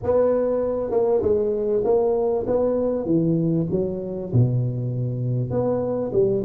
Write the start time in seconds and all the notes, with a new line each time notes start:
0.03 B3
0.90 A#3
1.21 G#3
1.84 A#3
2.47 B3
3.05 E3
3.70 F#3
4.32 B2
5.50 B3
6.12 G3